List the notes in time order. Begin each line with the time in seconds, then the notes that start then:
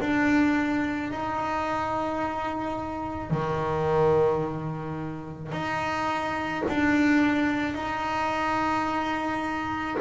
0.00 D4
1.11 D#4
3.30 D#3
5.52 D#4
6.67 D4
7.74 D#4